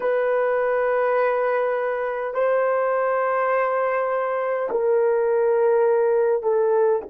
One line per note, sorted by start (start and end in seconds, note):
0.00 2.34 B4
2.34 4.69 C5
4.71 6.42 A#4
6.42 7.01 A4